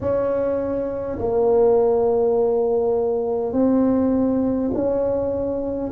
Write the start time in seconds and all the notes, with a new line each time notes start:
0.01 C#4
1.18 A#3
3.52 C4
4.73 C#4